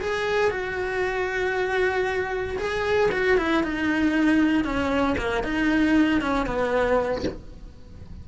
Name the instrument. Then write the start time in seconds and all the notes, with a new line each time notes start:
cello
0.00 G#4
0.50 F#4
2.58 G#4
3.11 F#4
3.37 E4
3.63 D#4
4.64 C#4
5.17 A#3
5.43 D#4
6.20 C#4
6.46 B3